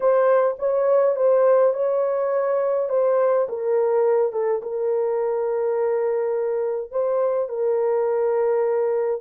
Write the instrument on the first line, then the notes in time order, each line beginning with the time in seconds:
horn
0.00 C5
0.58 C#5
1.16 C5
1.73 C#5
2.89 C5
3.49 A#4
4.32 A4
4.62 A#4
6.91 C5
7.48 A#4